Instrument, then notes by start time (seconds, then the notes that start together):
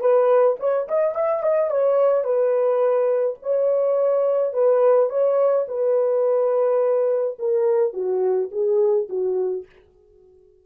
horn
0.00 B4
0.59 C#5
0.87 D#5
1.14 E5
1.42 D#5
1.70 C#5
2.23 B4
3.42 C#5
4.53 B4
5.09 C#5
5.67 B4
7.38 A#4
7.93 F#4
8.51 G#4
9.09 F#4